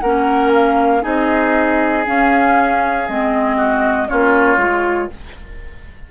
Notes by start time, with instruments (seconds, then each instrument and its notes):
0.00 bassoon A#3, clarinet C#4, oboe A#4, flute F#5
0.53 flute F5
1.02 bassoon C4, clarinet D#4, oboe G#4, flute D#5
2.06 clarinet C#4, bassoon C#4, flute F5
3.08 bassoon G#3, clarinet C4, flute D#5
3.57 oboe F#4
4.08 bassoon A#3, clarinet C#4, oboe F4, flute C#5
4.57 bassoon G#3, clarinet F4